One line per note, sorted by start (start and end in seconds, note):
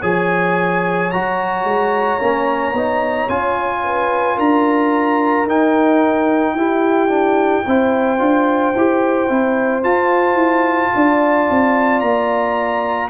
0.00 1.11 F3
0.00 1.11 G#4
0.00 3.82 C#5
0.00 1.11 G#5
1.11 1.64 F#3
1.11 2.20 F#4
1.11 3.29 A#5
1.64 2.18 G#3
2.20 2.72 A#3
2.20 2.74 C#4
2.72 3.26 B3
2.72 3.28 D#4
3.28 4.37 C#4
3.28 5.47 F4
3.28 4.38 G#5
3.84 4.35 B4
4.35 5.46 D4
4.35 6.53 A#4
4.35 5.47 A#5
5.46 6.53 D#4
5.46 6.57 D#4
5.46 9.83 G5
6.53 7.62 E4
6.53 7.08 E4
6.53 7.65 G4
7.08 7.63 D4
7.65 8.20 C4
7.65 8.18 E4
7.65 10.92 C5
8.18 8.74 D4
8.18 8.72 F4
8.75 9.29 E4
8.75 9.28 G4
9.28 9.84 C4
9.28 9.82 E4
9.82 13.10 F4
9.82 10.34 F4
9.82 12.00 A5
10.34 10.89 E4
10.95 11.49 D4
10.95 13.10 D5
11.50 12.01 C4
12.00 13.10 A#3
12.00 13.09 A#5